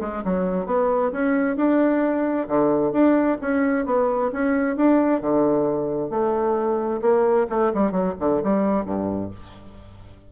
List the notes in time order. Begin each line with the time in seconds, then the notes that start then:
0.00 G#3
0.24 F#3
0.66 B3
1.12 C#4
1.56 D4
2.48 D3
2.92 D4
3.41 C#4
3.85 B3
4.32 C#4
4.76 D4
5.21 D3
6.10 A3
7.01 A#3
7.49 A3
7.74 G3
7.91 F#3
8.19 D3
8.43 G3
8.85 G2